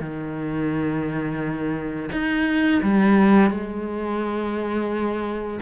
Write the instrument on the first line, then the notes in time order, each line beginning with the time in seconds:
cello
0.00 D#3
2.12 D#4
2.82 G3
3.50 G#3